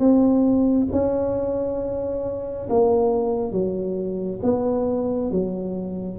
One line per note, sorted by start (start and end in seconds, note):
0.00 0.88 C4
0.92 2.69 C#4
2.70 3.52 A#3
3.52 4.40 F#3
4.43 5.31 B3
5.31 6.19 F#3